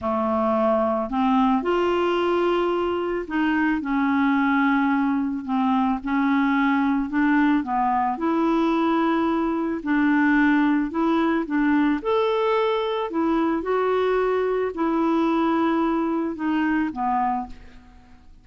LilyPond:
\new Staff \with { instrumentName = "clarinet" } { \time 4/4 \tempo 4 = 110 a2 c'4 f'4~ | f'2 dis'4 cis'4~ | cis'2 c'4 cis'4~ | cis'4 d'4 b4 e'4~ |
e'2 d'2 | e'4 d'4 a'2 | e'4 fis'2 e'4~ | e'2 dis'4 b4 | }